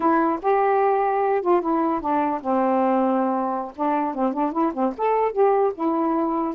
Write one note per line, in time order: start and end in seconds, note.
0.00 0.39 E4
0.42 1.41 G4
1.41 1.61 F4
1.61 2.00 E4
2.00 2.41 D4
2.41 3.72 C4
3.75 4.14 D4
4.14 4.33 C4
4.33 4.52 D4
4.52 4.72 E4
4.73 4.93 C4
4.97 5.32 A4
5.32 5.72 G4
5.74 6.54 E4